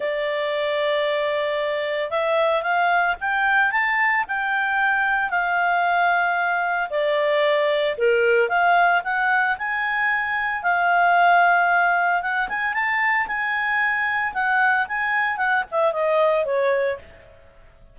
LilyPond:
\new Staff \with { instrumentName = "clarinet" } { \time 4/4 \tempo 4 = 113 d''1 | e''4 f''4 g''4 a''4 | g''2 f''2~ | f''4 d''2 ais'4 |
f''4 fis''4 gis''2 | f''2. fis''8 gis''8 | a''4 gis''2 fis''4 | gis''4 fis''8 e''8 dis''4 cis''4 | }